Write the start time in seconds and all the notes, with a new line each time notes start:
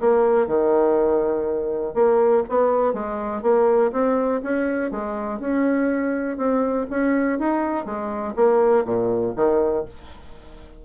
0.00 A#3
0.47 D#3
1.94 A#3
2.49 B3
2.94 G#3
3.42 A#3
3.92 C4
4.43 C#4
4.91 G#3
5.40 C#4
6.37 C4
6.90 C#4
7.39 D#4
7.85 G#3
8.36 A#3
8.85 A#2
9.36 D#3